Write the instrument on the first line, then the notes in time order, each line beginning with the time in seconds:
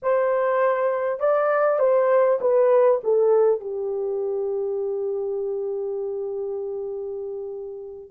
horn
0.02 C5
1.19 D5
1.79 C5
2.40 B4
3.03 A4
3.60 G4